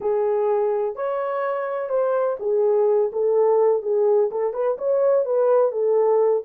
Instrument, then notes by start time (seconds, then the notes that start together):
horn
0.00 G#4
0.95 C#5
1.89 C5
2.39 G#4
3.12 A4
3.82 G#4
4.31 A4
4.53 B4
4.77 C#5
5.25 B4
5.71 A4